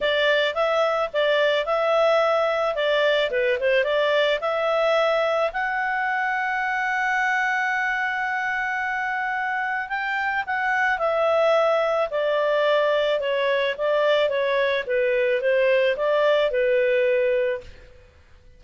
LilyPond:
\new Staff \with { instrumentName = "clarinet" } { \time 4/4 \tempo 4 = 109 d''4 e''4 d''4 e''4~ | e''4 d''4 b'8 c''8 d''4 | e''2 fis''2~ | fis''1~ |
fis''2 g''4 fis''4 | e''2 d''2 | cis''4 d''4 cis''4 b'4 | c''4 d''4 b'2 | }